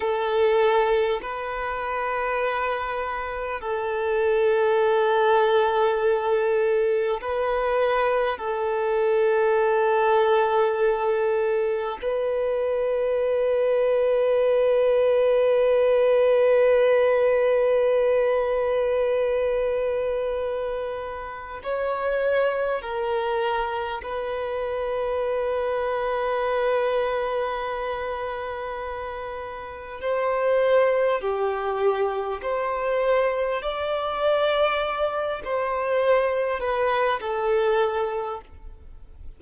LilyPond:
\new Staff \with { instrumentName = "violin" } { \time 4/4 \tempo 4 = 50 a'4 b'2 a'4~ | a'2 b'4 a'4~ | a'2 b'2~ | b'1~ |
b'2 cis''4 ais'4 | b'1~ | b'4 c''4 g'4 c''4 | d''4. c''4 b'8 a'4 | }